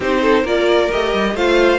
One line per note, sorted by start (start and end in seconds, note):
0.00 0.43 C4
0.00 0.45 D#4
0.00 0.22 G4
0.00 0.46 C5
0.22 0.42 A4
0.42 0.89 A#3
0.42 0.90 F4
0.42 1.32 A#4
0.42 0.91 D5
0.91 1.13 A3
0.91 1.37 G4
0.91 1.36 D#5
1.13 1.34 G3
1.34 1.78 A3
1.34 1.78 F4
1.34 1.78 C5
1.34 1.78 F5